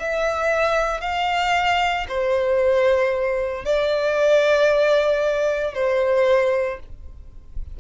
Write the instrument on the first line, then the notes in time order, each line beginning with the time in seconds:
violin
0.00 E5
1.01 F5
2.09 C5
3.66 D5
5.75 C5